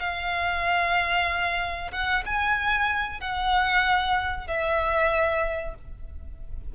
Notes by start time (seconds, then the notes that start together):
0.00 F5
1.92 F#5
2.26 G#5
3.21 F#5
4.47 E5